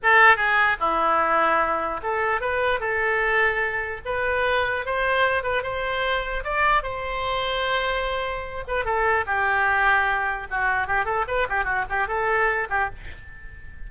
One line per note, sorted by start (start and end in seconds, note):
0.02 0.36 A4
0.36 0.76 G#4
0.80 2.00 E4
2.02 2.41 A4
2.41 2.79 B4
2.79 4.00 A4
4.05 4.85 B4
4.85 5.43 C5
5.43 5.62 B4
5.62 6.43 C5
6.44 6.83 D5
6.83 8.64 C5
8.67 8.84 B4
8.84 9.25 A4
9.26 10.47 G4
10.50 10.87 F#4
10.87 11.05 G4
11.05 11.25 A4
11.27 11.47 B4
11.49 11.64 G4
11.64 11.84 F#4
11.89 12.07 G4
12.07 12.68 A4
12.69 12.89 G4